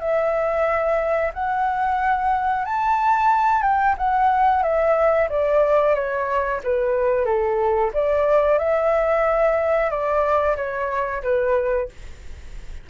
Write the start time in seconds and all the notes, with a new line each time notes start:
0.00 E5
1.34 F#5
2.66 A5
3.62 G5
3.98 F#5
4.63 E5
5.29 D5
5.95 C#5
6.64 B4
7.26 A4
7.94 D5
8.59 E5
9.91 D5
10.57 C#5
11.23 B4